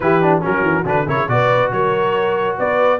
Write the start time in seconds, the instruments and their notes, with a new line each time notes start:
0.00 tuba E3, trombone E4, horn G4, trumpet B4
0.22 trombone D4
0.41 tuba F#3, trombone C#4, horn F#4, trumpet A#4
0.61 tuba E3
0.85 tuba D3, trombone D4, trumpet B4
1.06 tuba C#3, trombone E4, horn A#4, trumpet C#5
1.28 tuba B2, trombone F#4, horn B4, trumpet D5
1.71 tuba F#3, horn A#4, trumpet C#5
2.57 tuba B3, horn B4, trumpet D5